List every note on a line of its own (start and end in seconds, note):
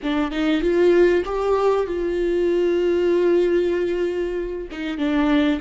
0.03 0.31 D4
0.31 0.61 D#4
0.61 1.23 F4
1.25 1.86 G4
1.86 4.68 F4
4.71 4.97 D#4
4.97 5.60 D4